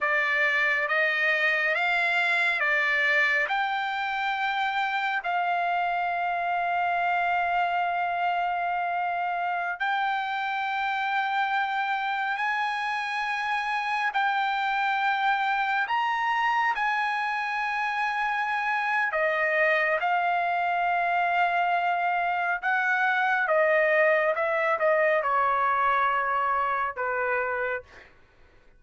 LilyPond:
\new Staff \with { instrumentName = "trumpet" } { \time 4/4 \tempo 4 = 69 d''4 dis''4 f''4 d''4 | g''2 f''2~ | f''2.~ f''16 g''8.~ | g''2~ g''16 gis''4.~ gis''16~ |
gis''16 g''2 ais''4 gis''8.~ | gis''2 dis''4 f''4~ | f''2 fis''4 dis''4 | e''8 dis''8 cis''2 b'4 | }